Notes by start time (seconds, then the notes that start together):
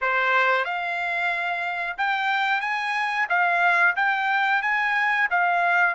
0.01 C5
0.64 F5
1.97 G5
2.60 G#5
3.29 F5
3.96 G5
4.62 G#5
5.30 F5